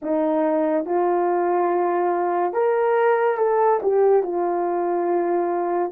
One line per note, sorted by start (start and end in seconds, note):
0.02 0.85 D#4
0.85 2.53 F4
2.53 3.37 A#4
3.37 3.80 A4
3.82 4.23 G4
4.23 5.92 F4